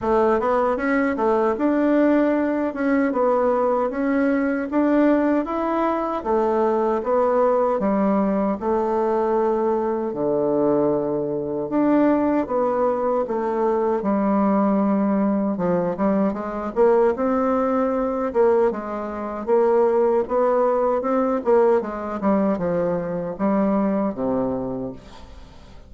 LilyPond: \new Staff \with { instrumentName = "bassoon" } { \time 4/4 \tempo 4 = 77 a8 b8 cis'8 a8 d'4. cis'8 | b4 cis'4 d'4 e'4 | a4 b4 g4 a4~ | a4 d2 d'4 |
b4 a4 g2 | f8 g8 gis8 ais8 c'4. ais8 | gis4 ais4 b4 c'8 ais8 | gis8 g8 f4 g4 c4 | }